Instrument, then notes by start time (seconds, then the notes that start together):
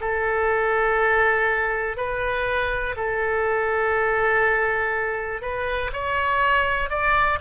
oboe
0.00 A4
1.96 B4
2.96 A4
5.41 B4
5.92 C#5
6.89 D5